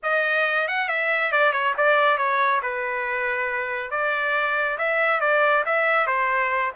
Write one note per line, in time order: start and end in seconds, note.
0.02 0.67 D#5
0.67 0.88 F#5
0.88 1.32 E5
1.32 1.52 D5
1.52 1.74 C#5
1.77 2.17 D5
2.17 2.60 C#5
2.62 3.90 B4
3.90 4.77 D5
4.78 5.20 E5
5.20 5.63 D5
5.65 6.07 E5
6.07 6.72 C5